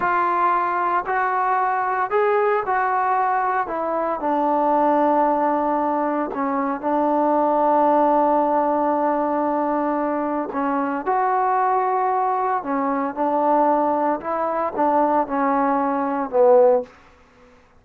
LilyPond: \new Staff \with { instrumentName = "trombone" } { \time 4/4 \tempo 4 = 114 f'2 fis'2 | gis'4 fis'2 e'4 | d'1 | cis'4 d'2.~ |
d'1 | cis'4 fis'2. | cis'4 d'2 e'4 | d'4 cis'2 b4 | }